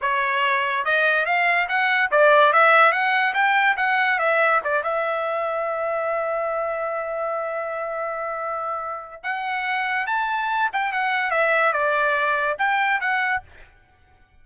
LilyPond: \new Staff \with { instrumentName = "trumpet" } { \time 4/4 \tempo 4 = 143 cis''2 dis''4 f''4 | fis''4 d''4 e''4 fis''4 | g''4 fis''4 e''4 d''8 e''8~ | e''1~ |
e''1~ | e''2 fis''2 | a''4. g''8 fis''4 e''4 | d''2 g''4 fis''4 | }